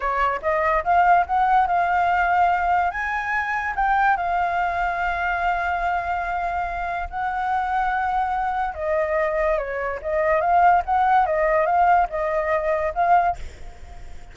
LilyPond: \new Staff \with { instrumentName = "flute" } { \time 4/4 \tempo 4 = 144 cis''4 dis''4 f''4 fis''4 | f''2. gis''4~ | gis''4 g''4 f''2~ | f''1~ |
f''4 fis''2.~ | fis''4 dis''2 cis''4 | dis''4 f''4 fis''4 dis''4 | f''4 dis''2 f''4 | }